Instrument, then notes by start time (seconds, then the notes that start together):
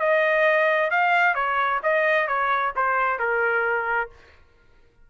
trumpet
0.00 D#5
0.91 F5
1.35 C#5
1.83 D#5
2.28 C#5
2.76 C5
3.19 A#4